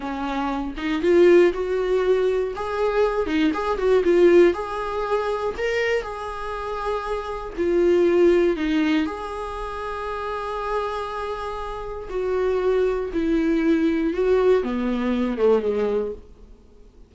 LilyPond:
\new Staff \with { instrumentName = "viola" } { \time 4/4 \tempo 4 = 119 cis'4. dis'8 f'4 fis'4~ | fis'4 gis'4. dis'8 gis'8 fis'8 | f'4 gis'2 ais'4 | gis'2. f'4~ |
f'4 dis'4 gis'2~ | gis'1 | fis'2 e'2 | fis'4 b4. a8 gis4 | }